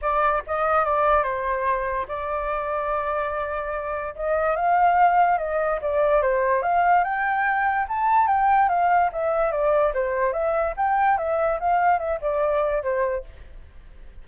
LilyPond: \new Staff \with { instrumentName = "flute" } { \time 4/4 \tempo 4 = 145 d''4 dis''4 d''4 c''4~ | c''4 d''2.~ | d''2 dis''4 f''4~ | f''4 dis''4 d''4 c''4 |
f''4 g''2 a''4 | g''4 f''4 e''4 d''4 | c''4 e''4 g''4 e''4 | f''4 e''8 d''4. c''4 | }